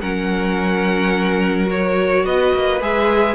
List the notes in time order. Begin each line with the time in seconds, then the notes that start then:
0.00 F#3 C#4 A#4 F#5
1.66 F#4 C#5
2.25 B3 B4 D#5
2.54 A#3
2.80 G#3 G#4 E5